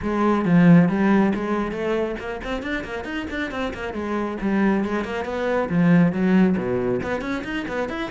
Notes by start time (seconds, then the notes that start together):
0.02 G#3
0.45 F3
0.88 G3
1.35 G#3
1.71 A3
2.19 A#3
2.44 C4
2.62 D4
2.84 A#3
3.04 D#4
3.30 D4
3.51 C4
3.74 A#3
3.93 G#3
4.41 G3
4.84 G#3
5.04 A#3
5.25 B3
5.69 F3
6.12 F#3
6.57 B2
7.02 B3
7.21 C#4
7.44 D#4
7.67 B3
7.89 E4